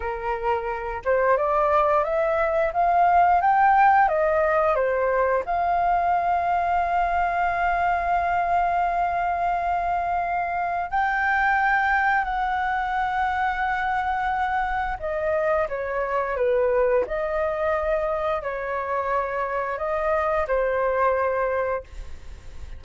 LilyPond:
\new Staff \with { instrumentName = "flute" } { \time 4/4 \tempo 4 = 88 ais'4. c''8 d''4 e''4 | f''4 g''4 dis''4 c''4 | f''1~ | f''1 |
g''2 fis''2~ | fis''2 dis''4 cis''4 | b'4 dis''2 cis''4~ | cis''4 dis''4 c''2 | }